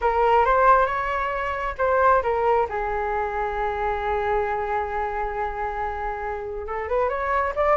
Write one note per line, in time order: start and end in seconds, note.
0.01 0.45 A#4
0.45 0.86 C5
0.86 1.75 C#5
1.78 2.22 C5
2.22 2.67 A#4
2.69 6.66 G#4
6.66 6.88 A4
6.88 7.09 B4
7.09 7.53 C#5
7.55 7.77 D5